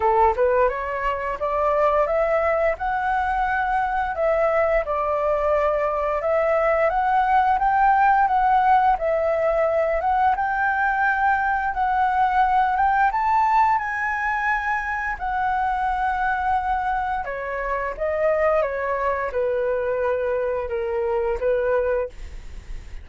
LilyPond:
\new Staff \with { instrumentName = "flute" } { \time 4/4 \tempo 4 = 87 a'8 b'8 cis''4 d''4 e''4 | fis''2 e''4 d''4~ | d''4 e''4 fis''4 g''4 | fis''4 e''4. fis''8 g''4~ |
g''4 fis''4. g''8 a''4 | gis''2 fis''2~ | fis''4 cis''4 dis''4 cis''4 | b'2 ais'4 b'4 | }